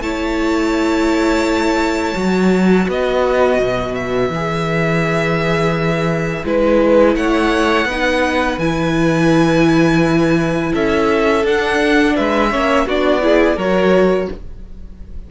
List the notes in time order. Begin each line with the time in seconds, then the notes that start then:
0.00 A3 E4 C#5 A5
2.16 F#3 F#4
2.88 B3 B4 D#5
3.59 B2
3.95 E5
4.29 E3 G#4
6.45 G#3 E4 B4
7.16 A3 C#5 F#5
7.86 B3 D#4 B4
8.58 E3 E4 G#5
10.72 C#4 A4 E5
11.44 D4 F#5
12.15 G#3 B4 E5
12.51 A#3 C#4 C#5
12.86 B3 D4 F#4 D5
13.21 E4 G#4
13.57 F#3 F#4 A#4 C#5